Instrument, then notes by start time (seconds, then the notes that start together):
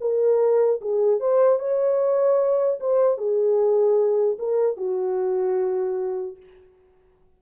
horn
0.00 A#4
0.81 G#4
1.20 C5
1.59 C#5
2.80 C5
3.17 G#4
4.39 A#4
4.77 F#4